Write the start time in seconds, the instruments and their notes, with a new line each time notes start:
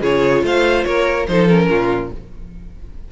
0.00 cello C#3, viola F4, violin G#4 C#5
0.43 cello A3, violin C5 F5
0.84 cello A#3, violin A#4 C#5
1.27 cello F3, viola D#4, violin A4 C5
1.48 viola C#4, violin A#4
1.69 cello A#2, violin F4